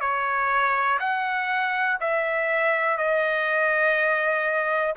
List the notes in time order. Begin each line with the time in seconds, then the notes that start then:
0.00 C#5
0.99 F#5
2.00 E5
2.97 D#5